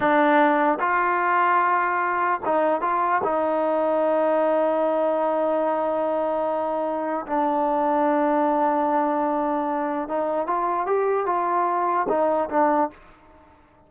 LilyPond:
\new Staff \with { instrumentName = "trombone" } { \time 4/4 \tempo 4 = 149 d'2 f'2~ | f'2 dis'4 f'4 | dis'1~ | dis'1~ |
dis'2 d'2~ | d'1~ | d'4 dis'4 f'4 g'4 | f'2 dis'4 d'4 | }